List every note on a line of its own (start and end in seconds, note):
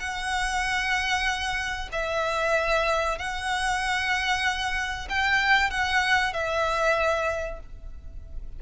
0.00 1.89 F#5
1.93 3.19 E5
3.19 5.08 F#5
5.10 5.71 G5
5.71 6.34 F#5
6.34 7.60 E5